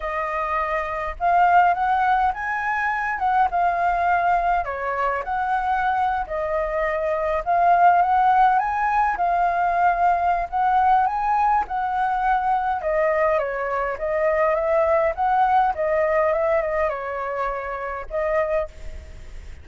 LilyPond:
\new Staff \with { instrumentName = "flute" } { \time 4/4 \tempo 4 = 103 dis''2 f''4 fis''4 | gis''4. fis''8 f''2 | cis''4 fis''4.~ fis''16 dis''4~ dis''16~ | dis''8. f''4 fis''4 gis''4 f''16~ |
f''2 fis''4 gis''4 | fis''2 dis''4 cis''4 | dis''4 e''4 fis''4 dis''4 | e''8 dis''8 cis''2 dis''4 | }